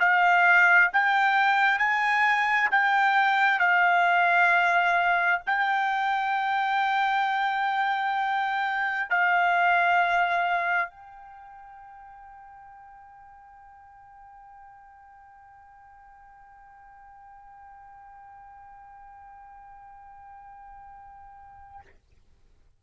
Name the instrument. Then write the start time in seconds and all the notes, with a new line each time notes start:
trumpet
0.00 F5
0.93 G5
1.79 G#5
2.71 G5
3.60 F5
5.47 G5
9.10 F5
10.90 G5